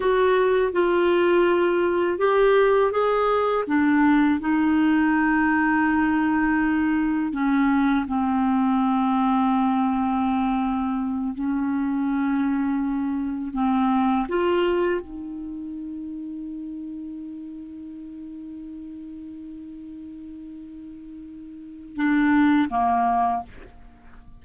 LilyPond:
\new Staff \with { instrumentName = "clarinet" } { \time 4/4 \tempo 4 = 82 fis'4 f'2 g'4 | gis'4 d'4 dis'2~ | dis'2 cis'4 c'4~ | c'2.~ c'8 cis'8~ |
cis'2~ cis'8 c'4 f'8~ | f'8 dis'2.~ dis'8~ | dis'1~ | dis'2 d'4 ais4 | }